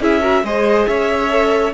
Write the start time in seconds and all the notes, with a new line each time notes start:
0.00 C#4 E4 G#4 E5
0.21 F#4 A#4
0.43 G#3 G#4 C5 D#5
0.87 C#4 C#5 E5
1.30 A4